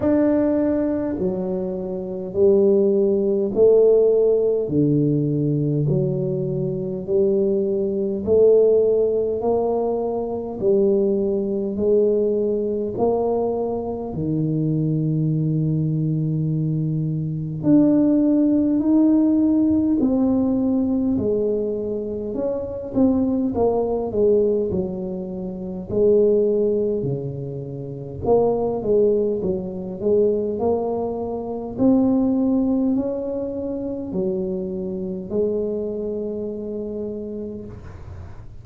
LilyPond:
\new Staff \with { instrumentName = "tuba" } { \time 4/4 \tempo 4 = 51 d'4 fis4 g4 a4 | d4 fis4 g4 a4 | ais4 g4 gis4 ais4 | dis2. d'4 |
dis'4 c'4 gis4 cis'8 c'8 | ais8 gis8 fis4 gis4 cis4 | ais8 gis8 fis8 gis8 ais4 c'4 | cis'4 fis4 gis2 | }